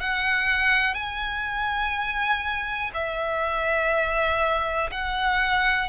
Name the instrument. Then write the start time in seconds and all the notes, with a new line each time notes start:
violin
0.00 F#5
0.94 G#5
2.93 E5
4.91 F#5